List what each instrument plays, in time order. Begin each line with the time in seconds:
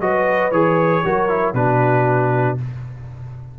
0.00 tuba F#3, trombone F#4, horn B4, trumpet D#5
0.52 tuba E3, trombone G#4, trumpet C#5
1.05 tuba F#3, trombone F#4, horn A#4
1.29 trombone E4
1.54 tuba B2, trombone D4, horn F#4, trumpet B4